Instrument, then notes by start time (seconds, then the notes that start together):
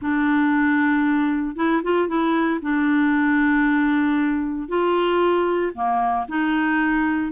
clarinet
0.01 D4
1.56 E4
1.83 F4
2.08 E4
2.62 D4
4.68 F4
5.74 A#3
6.28 D#4